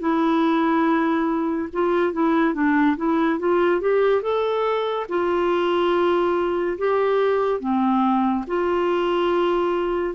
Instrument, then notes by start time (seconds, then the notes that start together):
clarinet
0.00 E4
1.73 F4
2.13 E4
2.54 D4
2.97 E4
3.40 F4
3.81 G4
4.22 A4
5.09 F4
6.78 G4
7.61 C4
8.47 F4